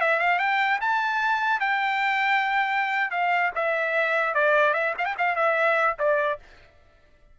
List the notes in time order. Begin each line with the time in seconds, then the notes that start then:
0.00 E5
0.19 F5
0.39 G5
0.80 A5
1.60 G5
3.11 F5
3.55 E5
4.34 D5
4.73 E5
4.98 F5
5.05 G5
5.18 F5
5.35 E5
5.98 D5